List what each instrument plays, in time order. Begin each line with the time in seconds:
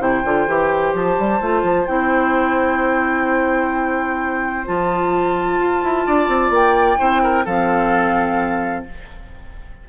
0.00 bassoon C3, clarinet E4, oboe C5, flute G5
0.25 bassoon D3, clarinet F4
0.48 bassoon E3, clarinet G4
0.94 bassoon F3, flute A5
1.19 bassoon G3
1.41 bassoon A3, clarinet F4
1.63 bassoon F3
1.87 bassoon C4, clarinet E4, flute G5
4.66 bassoon F3, clarinet F4, flute A5
5.59 bassoon F4
5.83 bassoon E4
6.07 bassoon D4, oboe D5
6.28 bassoon C4
6.50 bassoon A#3, flute G5
6.98 bassoon C4, clarinet E4, oboe C5
7.23 oboe A#4
7.45 bassoon F3, clarinet C4, oboe A4, flute F5